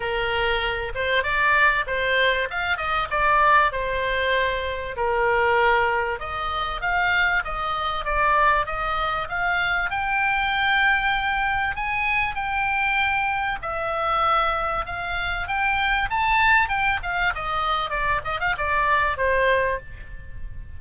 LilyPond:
\new Staff \with { instrumentName = "oboe" } { \time 4/4 \tempo 4 = 97 ais'4. c''8 d''4 c''4 | f''8 dis''8 d''4 c''2 | ais'2 dis''4 f''4 | dis''4 d''4 dis''4 f''4 |
g''2. gis''4 | g''2 e''2 | f''4 g''4 a''4 g''8 f''8 | dis''4 d''8 dis''16 f''16 d''4 c''4 | }